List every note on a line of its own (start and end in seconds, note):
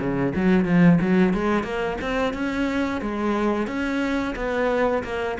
0.00 0.34 C#3
0.35 0.65 F#3
0.65 0.99 F3
1.01 1.34 F#3
1.34 1.64 G#3
1.64 1.98 A#3
2.01 2.34 C4
2.34 3.02 C#4
3.02 3.67 G#3
3.67 4.35 C#4
4.36 5.03 B3
5.04 5.38 A#3